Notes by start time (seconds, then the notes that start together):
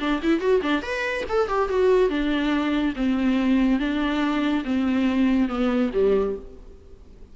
0.00 D4
0.23 E4
0.40 F#4
0.62 D4
0.82 B4
1.29 A4
1.48 G4
1.69 F#4
2.10 D4
2.96 C4
3.80 D4
4.65 C4
5.49 B3
5.94 G3